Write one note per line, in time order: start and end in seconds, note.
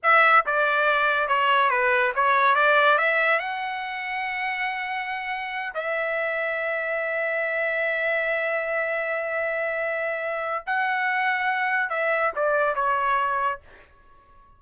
0.02 0.45 E5
0.45 1.27 D5
1.27 1.69 C#5
1.69 2.12 B4
2.15 2.55 C#5
2.55 2.97 D5
2.98 3.39 E5
3.39 5.73 F#5
5.74 10.63 E5
10.66 11.89 F#5
11.89 12.32 E5
12.35 12.75 D5
12.75 13.60 C#5